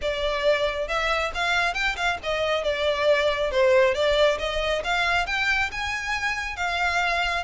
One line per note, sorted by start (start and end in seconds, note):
0.01 0.87 D5
0.87 1.31 E5
1.34 1.74 F5
1.74 1.96 G5
1.96 2.18 F5
2.23 2.63 D#5
2.63 3.51 D5
3.51 3.94 C5
3.94 4.38 D5
4.38 4.82 D#5
4.84 5.26 F5
5.26 5.70 G5
5.71 6.56 G#5
6.56 7.44 F5